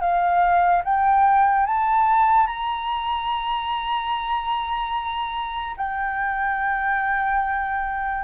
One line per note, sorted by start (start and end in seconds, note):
0.00 0.82 F5
0.84 1.66 G5
1.66 2.47 A5
2.47 5.76 A#5
5.77 8.23 G5